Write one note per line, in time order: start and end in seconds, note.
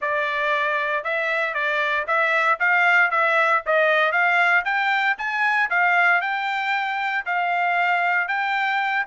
0.01 1.04 D5
1.04 1.54 E5
1.54 2.05 D5
2.07 2.59 E5
2.59 3.10 F5
3.10 3.62 E5
3.66 4.12 D#5
4.12 4.63 F5
4.65 5.16 G5
5.18 5.69 G#5
5.69 6.21 F5
6.21 7.24 G5
7.25 8.28 F5
8.28 9.05 G5